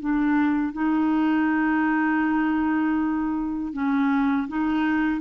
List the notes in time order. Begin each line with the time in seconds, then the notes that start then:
0.00 D4
0.73 D#4
3.73 C#4
4.48 D#4